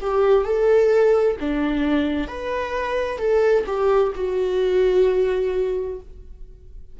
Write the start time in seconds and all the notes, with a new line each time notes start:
0.00 G4
0.44 A4
1.40 D4
2.27 B4
3.18 A4
3.66 G4
4.15 F#4